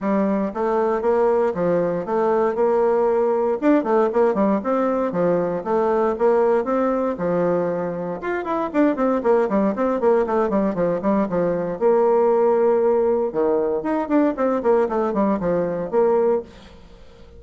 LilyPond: \new Staff \with { instrumentName = "bassoon" } { \time 4/4 \tempo 4 = 117 g4 a4 ais4 f4 | a4 ais2 d'8 a8 | ais8 g8 c'4 f4 a4 | ais4 c'4 f2 |
f'8 e'8 d'8 c'8 ais8 g8 c'8 ais8 | a8 g8 f8 g8 f4 ais4~ | ais2 dis4 dis'8 d'8 | c'8 ais8 a8 g8 f4 ais4 | }